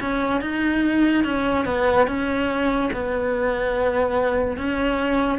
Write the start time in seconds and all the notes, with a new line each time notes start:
0.00 C#4
0.41 D#4
1.24 C#4
1.65 B3
2.07 C#4
2.92 B3
4.57 C#4